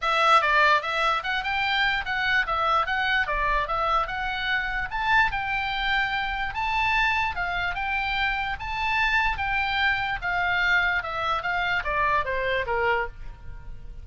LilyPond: \new Staff \with { instrumentName = "oboe" } { \time 4/4 \tempo 4 = 147 e''4 d''4 e''4 fis''8 g''8~ | g''4 fis''4 e''4 fis''4 | d''4 e''4 fis''2 | a''4 g''2. |
a''2 f''4 g''4~ | g''4 a''2 g''4~ | g''4 f''2 e''4 | f''4 d''4 c''4 ais'4 | }